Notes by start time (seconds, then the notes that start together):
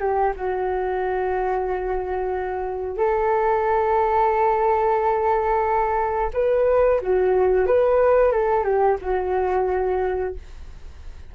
0.00 G4
0.36 F#4
2.98 A4
6.34 B4
7.02 F#4
7.67 B4
8.32 A4
8.65 G4
9.02 F#4